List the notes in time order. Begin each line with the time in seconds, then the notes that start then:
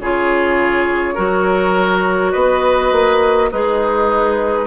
0.00 C#3 F4 G#4 C#5
1.15 F#3 F#4 A#4
2.32 B3 B4 D#5
2.92 A#3
3.52 G#3 D#4 G#4 B4